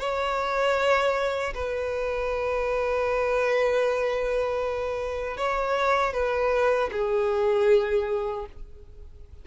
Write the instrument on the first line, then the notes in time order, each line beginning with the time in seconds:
violin
0.00 C#5
1.55 B4
5.37 C#5
6.14 B4
6.92 G#4